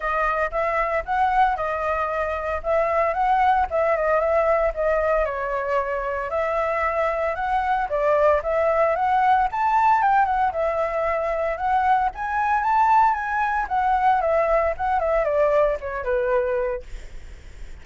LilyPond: \new Staff \with { instrumentName = "flute" } { \time 4/4 \tempo 4 = 114 dis''4 e''4 fis''4 dis''4~ | dis''4 e''4 fis''4 e''8 dis''8 | e''4 dis''4 cis''2 | e''2 fis''4 d''4 |
e''4 fis''4 a''4 g''8 fis''8 | e''2 fis''4 gis''4 | a''4 gis''4 fis''4 e''4 | fis''8 e''8 d''4 cis''8 b'4. | }